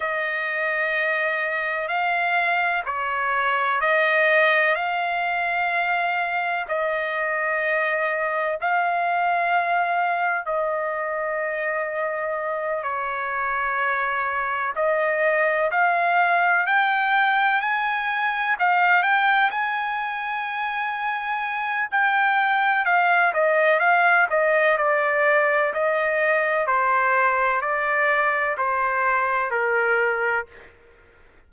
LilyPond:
\new Staff \with { instrumentName = "trumpet" } { \time 4/4 \tempo 4 = 63 dis''2 f''4 cis''4 | dis''4 f''2 dis''4~ | dis''4 f''2 dis''4~ | dis''4. cis''2 dis''8~ |
dis''8 f''4 g''4 gis''4 f''8 | g''8 gis''2~ gis''8 g''4 | f''8 dis''8 f''8 dis''8 d''4 dis''4 | c''4 d''4 c''4 ais'4 | }